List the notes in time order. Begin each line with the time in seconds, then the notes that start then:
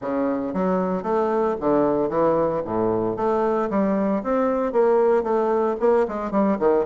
0.01 C#3
0.53 F#3
1.02 A3
1.60 D3
2.09 E3
2.65 A2
3.16 A3
3.70 G3
4.23 C4
4.72 A#3
5.23 A3
5.79 A#3
6.08 G#3
6.31 G3
6.59 D#3